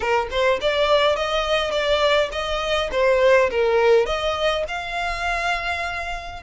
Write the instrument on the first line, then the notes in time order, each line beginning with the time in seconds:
violin
0.00 A#4
0.30 C5
0.61 D5
1.16 D#5
1.71 D5
2.31 D#5
2.91 C5
3.50 A#4
4.06 D#5
4.68 F5